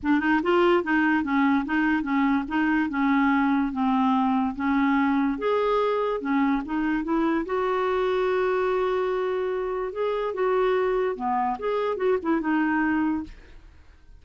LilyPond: \new Staff \with { instrumentName = "clarinet" } { \time 4/4 \tempo 4 = 145 d'8 dis'8 f'4 dis'4 cis'4 | dis'4 cis'4 dis'4 cis'4~ | cis'4 c'2 cis'4~ | cis'4 gis'2 cis'4 |
dis'4 e'4 fis'2~ | fis'1 | gis'4 fis'2 b4 | gis'4 fis'8 e'8 dis'2 | }